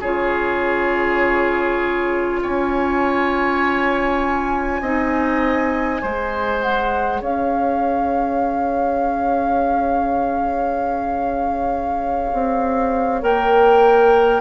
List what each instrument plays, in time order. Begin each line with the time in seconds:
0.00 bassoon C#3, clarinet F4, oboe G#4, flute C#5
2.43 bassoon C#4, oboe C#5, flute G#5
4.81 bassoon C4, clarinet D#4, oboe D#5
6.02 bassoon G#3, clarinet G#4, oboe C5
6.62 flute F#5
7.21 bassoon C#4, oboe C#5, flute F5
12.33 bassoon C4
13.22 bassoon A#3, clarinet A#4, flute G5